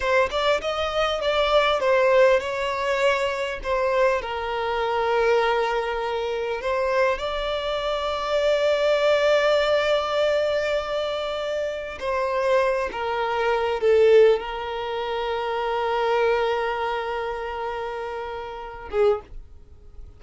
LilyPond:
\new Staff \with { instrumentName = "violin" } { \time 4/4 \tempo 4 = 100 c''8 d''8 dis''4 d''4 c''4 | cis''2 c''4 ais'4~ | ais'2. c''4 | d''1~ |
d''1 | c''4. ais'4. a'4 | ais'1~ | ais'2.~ ais'8 gis'8 | }